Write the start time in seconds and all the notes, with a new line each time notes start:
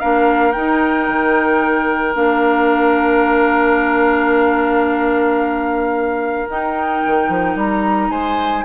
0.00 A#3 D4 A#4 F5
0.52 D#4 G5
1.08 D#3
2.14 A#3 D4 F5
6.49 D#4 G5
7.07 D#3
7.29 F3
7.56 G3 A#5
8.10 G#3 C5 G#5